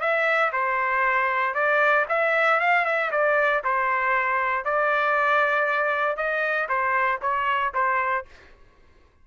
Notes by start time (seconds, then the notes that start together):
0.00 E5
0.52 C5
1.54 D5
2.08 E5
2.60 F5
2.85 E5
3.11 D5
3.64 C5
4.65 D5
6.17 D#5
6.69 C5
7.21 C#5
7.74 C5